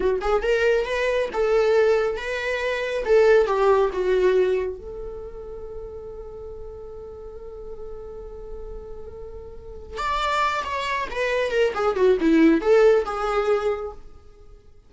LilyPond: \new Staff \with { instrumentName = "viola" } { \time 4/4 \tempo 4 = 138 fis'8 gis'8 ais'4 b'4 a'4~ | a'4 b'2 a'4 | g'4 fis'2 a'4~ | a'1~ |
a'1~ | a'2. d''4~ | d''8 cis''4 b'4 ais'8 gis'8 fis'8 | e'4 a'4 gis'2 | }